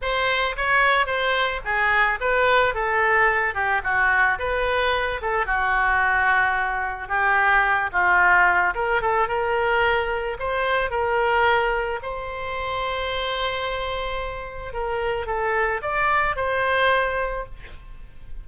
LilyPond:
\new Staff \with { instrumentName = "oboe" } { \time 4/4 \tempo 4 = 110 c''4 cis''4 c''4 gis'4 | b'4 a'4. g'8 fis'4 | b'4. a'8 fis'2~ | fis'4 g'4. f'4. |
ais'8 a'8 ais'2 c''4 | ais'2 c''2~ | c''2. ais'4 | a'4 d''4 c''2 | }